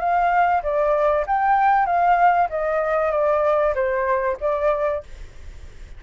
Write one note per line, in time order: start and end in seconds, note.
0.00 0.62 F5
0.63 1.26 D5
1.27 1.86 G5
1.86 2.49 F5
2.50 3.12 D#5
3.12 3.74 D5
3.75 4.38 C5
4.41 5.03 D5